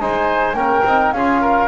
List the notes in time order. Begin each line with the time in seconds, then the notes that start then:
0.00 G#3 D#4 C5 G#5
0.54 A#3 C#4 A#4 G5
0.84 C4 D#4
1.13 C#4 F4 G#4 F5
1.41 A#4